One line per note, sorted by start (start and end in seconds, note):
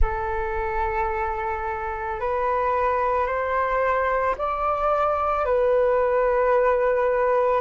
0.01 2.20 A4
2.20 3.26 B4
3.26 4.35 C5
4.37 5.45 D5
5.45 7.60 B4